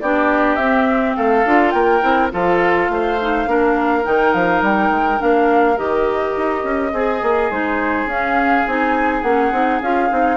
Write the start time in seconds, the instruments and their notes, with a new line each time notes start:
0.00 bassoon B3, clarinet D4, oboe G4, flute D5
0.56 bassoon C4, clarinet C4, flute E5
1.16 bassoon A3, oboe A4, flute F5
1.45 bassoon D4, clarinet F4
1.71 bassoon A#3, oboe A#4, flute G5
2.01 bassoon C4, clarinet E4
2.31 bassoon F3, clarinet F4, oboe A4, flute F5
2.88 bassoon A3, oboe C5
3.21 clarinet D#4
3.47 bassoon A#3, clarinet D4, oboe A#4
4.03 bassoon D#3, clarinet D#4, flute G5
4.33 bassoon F3, flute F5
4.62 bassoon G3, flute G5
4.90 bassoon G#3
5.18 bassoon A#3, clarinet D4, flute F5
5.77 bassoon D#3, clarinet G4, flute D#5
6.36 bassoon D#4
6.63 bassoon C#4
6.92 bassoon C4, oboe G#4, clarinet G#4
7.23 bassoon A#3
7.50 bassoon G#3, clarinet D#4, flute C5
8.06 bassoon C#4, clarinet C#4, flute F5
8.67 bassoon C4, clarinet D#4, flute G#5
9.23 bassoon A#3, clarinet C#4, flute F#5
9.52 bassoon C4, clarinet D#4
9.82 bassoon C#4, clarinet F4, flute F5
10.10 bassoon C4, clarinet D#4